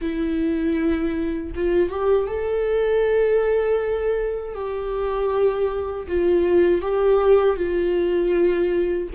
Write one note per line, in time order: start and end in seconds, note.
0.01 1.53 E4
1.55 1.90 F4
1.90 2.27 G4
2.27 4.55 A4
4.55 6.07 G4
6.07 6.81 F4
6.81 7.56 G4
7.56 9.08 F4